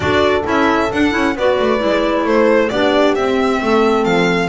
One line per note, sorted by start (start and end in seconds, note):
0.00 0.43 D4
0.00 0.42 F#4
0.00 1.37 A4
0.00 0.43 D5
0.43 0.91 C#4
0.43 0.88 E4
0.43 0.91 E5
0.91 1.11 D4
0.91 1.14 D4
0.91 1.37 F#5
1.11 1.35 C#4
1.11 1.33 E4
1.35 1.58 B3
1.35 1.78 F#4
1.35 2.25 B4
1.35 2.26 D5
1.59 1.81 A3
1.78 2.24 G#3
1.78 2.68 E4
2.24 2.69 A3
2.24 2.70 A4
2.24 2.69 C5
2.69 3.15 B3
2.69 3.17 D4
2.69 3.60 G4
2.69 3.14 D5
3.15 3.60 C4
3.15 4.49 C4
3.15 4.04 E5
3.60 4.05 A3
3.60 4.49 A4
4.04 4.49 F3
4.04 4.49 F5